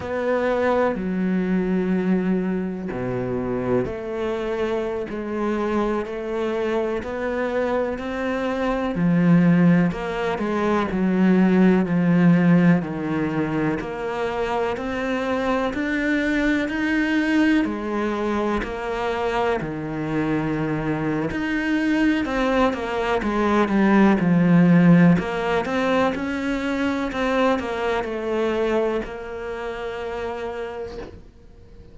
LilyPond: \new Staff \with { instrumentName = "cello" } { \time 4/4 \tempo 4 = 62 b4 fis2 b,4 | a4~ a16 gis4 a4 b8.~ | b16 c'4 f4 ais8 gis8 fis8.~ | fis16 f4 dis4 ais4 c'8.~ |
c'16 d'4 dis'4 gis4 ais8.~ | ais16 dis4.~ dis16 dis'4 c'8 ais8 | gis8 g8 f4 ais8 c'8 cis'4 | c'8 ais8 a4 ais2 | }